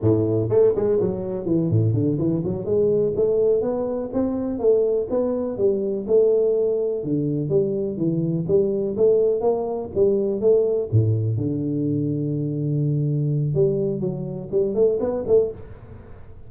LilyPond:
\new Staff \with { instrumentName = "tuba" } { \time 4/4 \tempo 4 = 124 a,4 a8 gis8 fis4 e8 a,8 | d8 e8 fis8 gis4 a4 b8~ | b8 c'4 a4 b4 g8~ | g8 a2 d4 g8~ |
g8 e4 g4 a4 ais8~ | ais8 g4 a4 a,4 d8~ | d1 | g4 fis4 g8 a8 b8 a8 | }